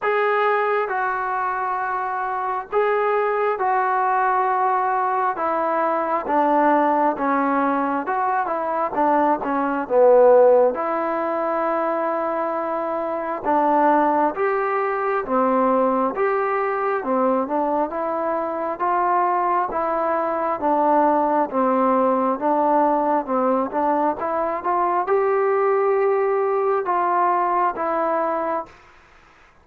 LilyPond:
\new Staff \with { instrumentName = "trombone" } { \time 4/4 \tempo 4 = 67 gis'4 fis'2 gis'4 | fis'2 e'4 d'4 | cis'4 fis'8 e'8 d'8 cis'8 b4 | e'2. d'4 |
g'4 c'4 g'4 c'8 d'8 | e'4 f'4 e'4 d'4 | c'4 d'4 c'8 d'8 e'8 f'8 | g'2 f'4 e'4 | }